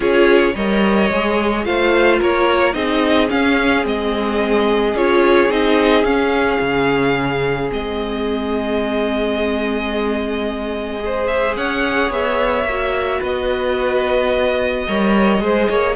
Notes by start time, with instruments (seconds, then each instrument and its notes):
0.00 cello C#4, viola F4, violin G#4 C#5
0.55 cello G3, viola A#4, violin C#5 D#5
1.10 cello G#3, viola G#4
1.64 cello A3, viola F4, violin C5 F5
2.19 cello A#3, violin A#4 C#5
2.73 cello C4, viola D#4, violin G#4 D#5
3.28 viola C#4, cello C#4, violin F5
3.82 cello G#3, viola C4, violin D#5
4.93 cello C#4, viola F4, violin C#5
5.49 cello C4, viola D#4, violin D#5
6.03 cello C#4, viola C#4, violin F5
6.60 cello C#3
7.69 cello G#3, viola C4, violin D#5
10.99 viola G#4, violin C5
11.27 violin E5
11.56 cello C#4, violin C#5 F#5
12.10 cello B3, violin E5
12.64 cello A#3, viola F#4
13.20 cello B3, violin B4 D#5
14.87 cello G3, viola A#4, violin C#5
15.39 cello G#3, viola G#4, violin C5
15.68 cello A#3, violin C#5